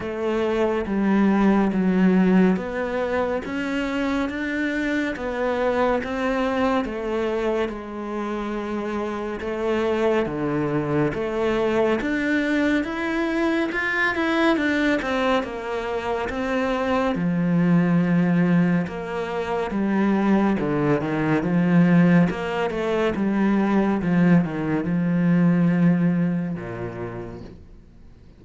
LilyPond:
\new Staff \with { instrumentName = "cello" } { \time 4/4 \tempo 4 = 70 a4 g4 fis4 b4 | cis'4 d'4 b4 c'4 | a4 gis2 a4 | d4 a4 d'4 e'4 |
f'8 e'8 d'8 c'8 ais4 c'4 | f2 ais4 g4 | d8 dis8 f4 ais8 a8 g4 | f8 dis8 f2 ais,4 | }